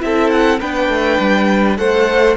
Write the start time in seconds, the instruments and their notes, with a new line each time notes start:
0.00 cello C4, viola E4, violin A4 E5
0.31 violin F#5
0.60 cello B3, viola D4, violin B4 G5
0.89 cello A3
1.20 cello G3
1.77 cello A3, viola A4, violin C5 F#5